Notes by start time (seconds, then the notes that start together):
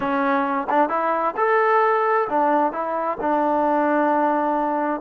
0.00 C#4
0.69 D4
0.89 E4
1.37 A4
2.29 D4
2.72 E4
3.20 D4